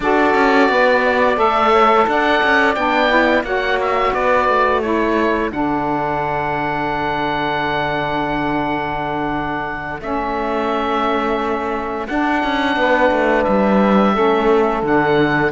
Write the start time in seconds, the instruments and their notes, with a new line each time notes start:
0.00 cello D4, saxophone F#4 A4, oboe D5
0.34 cello C#4
0.69 cello B3, saxophone B4
1.03 saxophone D5
1.36 cello A3, saxophone A4, oboe E5
1.71 saxophone C#5
2.07 cello D4, saxophone D5, oboe F#5
2.43 cello C#4
2.74 cello B3, saxophone D4, oboe G5
3.09 saxophone E4
3.43 cello A#3, saxophone F#4 C#5, oboe F#5
3.81 oboe E5
4.13 cello B3, saxophone B4, oboe D5
4.48 cello A3
4.81 saxophone E4 A4, oboe C#5
5.50 cello D3, saxophone D4, oboe F#5
10.00 cello A3, saxophone C#4, oboe E5
12.07 saxophone D4, cello D4, oboe F#5
12.43 cello C#4
12.76 cello B3, saxophone B4
13.11 cello A3
13.44 cello G3, oboe E5
14.13 cello A3, saxophone C#4 A4
14.82 cello D3, saxophone D4, oboe F#5